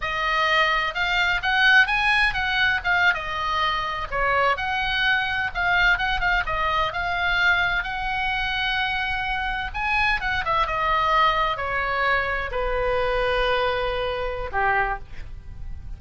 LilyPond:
\new Staff \with { instrumentName = "oboe" } { \time 4/4 \tempo 4 = 128 dis''2 f''4 fis''4 | gis''4 fis''4 f''8. dis''4~ dis''16~ | dis''8. cis''4 fis''2 f''16~ | f''8. fis''8 f''8 dis''4 f''4~ f''16~ |
f''8. fis''2.~ fis''16~ | fis''8. gis''4 fis''8 e''8 dis''4~ dis''16~ | dis''8. cis''2 b'4~ b'16~ | b'2. g'4 | }